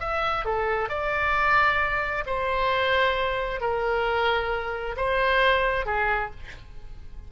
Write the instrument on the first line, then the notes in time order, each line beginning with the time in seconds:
oboe
0.00 E5
0.45 A4
0.89 D5
2.26 C5
3.60 A#4
4.97 C5
5.86 G#4